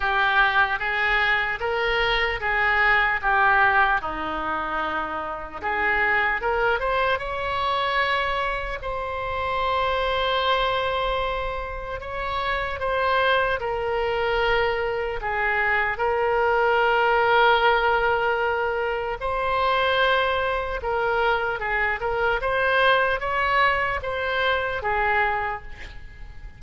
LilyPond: \new Staff \with { instrumentName = "oboe" } { \time 4/4 \tempo 4 = 75 g'4 gis'4 ais'4 gis'4 | g'4 dis'2 gis'4 | ais'8 c''8 cis''2 c''4~ | c''2. cis''4 |
c''4 ais'2 gis'4 | ais'1 | c''2 ais'4 gis'8 ais'8 | c''4 cis''4 c''4 gis'4 | }